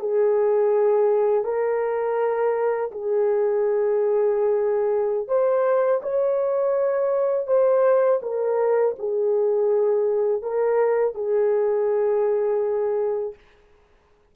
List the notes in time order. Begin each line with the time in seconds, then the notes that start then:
0.00 G#4
1.44 A#4
2.92 G#4
5.28 C5
6.03 C#5
7.47 C5
8.23 A#4
8.99 G#4
10.42 A#4
11.15 G#4